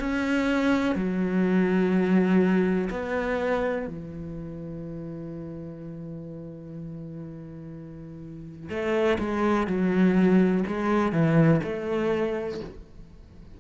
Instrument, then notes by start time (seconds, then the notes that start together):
cello
0.00 C#4
0.96 F#3
2.91 B3
3.88 E3
8.70 A3
9.19 G#3
9.67 F#3
10.67 G#3
11.12 E3
11.64 A3